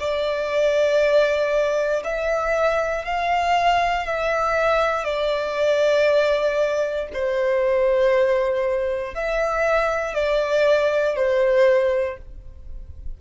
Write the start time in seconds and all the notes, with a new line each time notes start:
0.00 D5
2.05 E5
3.05 F5
4.06 E5
5.04 D5
7.14 C5
9.15 E5
10.15 D5
11.16 C5